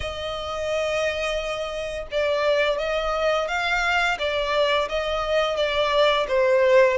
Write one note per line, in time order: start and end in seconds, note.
0.00 2.06 D#5
2.11 2.78 D5
2.78 3.48 D#5
3.48 4.17 F5
4.18 4.88 D5
4.88 5.56 D#5
5.56 6.26 D5
6.28 6.97 C5